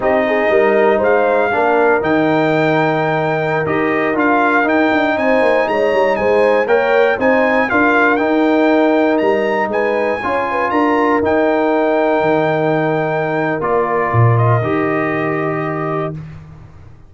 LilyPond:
<<
  \new Staff \with { instrumentName = "trumpet" } { \time 4/4 \tempo 4 = 119 dis''2 f''2 | g''2.~ g''16 dis''8.~ | dis''16 f''4 g''4 gis''4 ais''8.~ | ais''16 gis''4 g''4 gis''4 f''8.~ |
f''16 g''2 ais''4 gis''8.~ | gis''4~ gis''16 ais''4 g''4.~ g''16~ | g''2. d''4~ | d''8 dis''2.~ dis''8 | }
  \new Staff \with { instrumentName = "horn" } { \time 4/4 g'8 gis'8 ais'4 c''4 ais'4~ | ais'1~ | ais'2~ ais'16 c''4 cis''8.~ | cis''16 c''4 cis''4 c''4 ais'8.~ |
ais'2.~ ais'16 b'8.~ | b'16 cis''8 b'8 ais'2~ ais'8.~ | ais'1~ | ais'1 | }
  \new Staff \with { instrumentName = "trombone" } { \time 4/4 dis'2. d'4 | dis'2.~ dis'16 g'8.~ | g'16 f'4 dis'2~ dis'8.~ | dis'4~ dis'16 ais'4 dis'4 f'8.~ |
f'16 dis'2.~ dis'8.~ | dis'16 f'2 dis'4.~ dis'16~ | dis'2. f'4~ | f'4 g'2. | }
  \new Staff \with { instrumentName = "tuba" } { \time 4/4 c'4 g4 gis4 ais4 | dis2.~ dis16 dis'8.~ | dis'16 d'4 dis'8 d'8 c'8 ais8 gis8 g16~ | g16 gis4 ais4 c'4 d'8.~ |
d'16 dis'2 g4 gis8.~ | gis16 cis'4 d'4 dis'4.~ dis'16~ | dis'16 dis2~ dis8. ais4 | ais,4 dis2. | }
>>